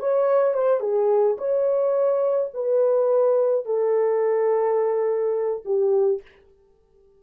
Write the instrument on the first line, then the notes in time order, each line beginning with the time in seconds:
horn
0.00 C#5
0.54 C5
0.81 G#4
1.38 C#5
2.54 B4
3.65 A4
5.65 G4